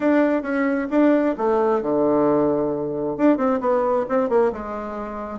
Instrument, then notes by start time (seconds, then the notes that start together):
bassoon
0.00 D4
0.42 C#4
0.90 D4
1.37 A3
1.82 D3
3.17 D4
3.37 C4
3.60 B3
4.08 C4
4.29 A#3
4.52 G#3